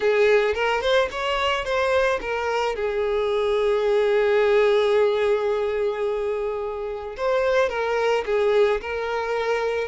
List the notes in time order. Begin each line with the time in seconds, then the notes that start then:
0.00 G#4
0.54 A#4
0.81 C5
1.11 C#5
1.64 C5
2.21 A#4
2.75 G#4
7.17 C5
7.69 A#4
8.25 G#4
8.81 A#4